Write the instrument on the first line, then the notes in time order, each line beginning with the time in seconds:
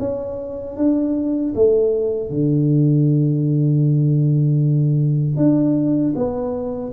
tuba
0.00 C#4
0.77 D4
1.56 A3
2.30 D3
5.37 D4
6.16 B3